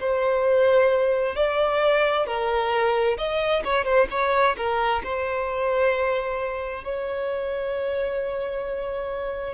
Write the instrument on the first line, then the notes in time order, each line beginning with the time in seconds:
violin
0.00 C5
1.35 D5
2.26 A#4
3.17 D#5
3.64 C#5
3.84 C5
4.10 C#5
4.57 A#4
5.03 C5
6.83 C#5